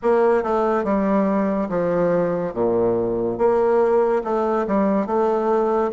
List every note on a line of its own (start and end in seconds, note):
0.02 0.43 A#3
0.43 0.83 A3
0.83 1.68 G3
1.69 2.54 F3
2.54 3.38 A#2
3.38 4.22 A#3
4.23 4.66 A3
4.67 5.06 G3
5.06 5.91 A3